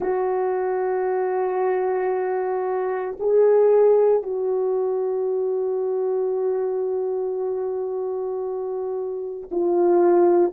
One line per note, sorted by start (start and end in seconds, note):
0.00 3.16 F#4
3.19 4.22 G#4
4.22 9.49 F#4
9.51 10.52 F4